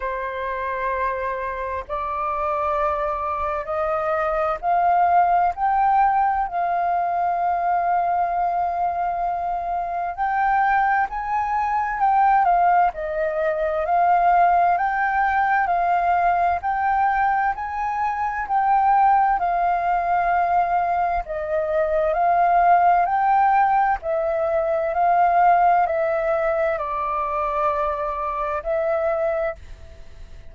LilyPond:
\new Staff \with { instrumentName = "flute" } { \time 4/4 \tempo 4 = 65 c''2 d''2 | dis''4 f''4 g''4 f''4~ | f''2. g''4 | gis''4 g''8 f''8 dis''4 f''4 |
g''4 f''4 g''4 gis''4 | g''4 f''2 dis''4 | f''4 g''4 e''4 f''4 | e''4 d''2 e''4 | }